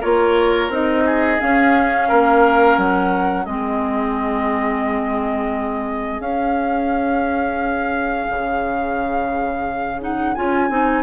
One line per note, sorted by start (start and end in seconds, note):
0.00 0.69 A#3
0.00 0.70 F4
0.00 1.03 A#4
0.00 0.71 C#5
0.69 1.38 C4
0.69 1.39 D#4
0.69 1.40 D#5
1.05 2.08 G#4
1.39 3.46 C#4
1.39 2.11 C#4
1.39 2.78 F5
2.08 2.77 A#3
2.08 3.45 A#4
2.77 3.46 F#3
2.77 3.45 F#5
3.45 6.20 G#3
3.45 6.23 C4
3.45 11.02 G#4
3.45 6.21 D#5
6.20 8.27 C#4
6.20 10.00 C#4
6.20 10.00 F5
8.30 10.36 C#3
10.00 10.35 D#4
10.00 10.34 F#5
10.34 10.70 C#4
10.34 10.70 F4
10.34 11.02 G#5
10.70 11.02 C4
10.70 11.02 D#4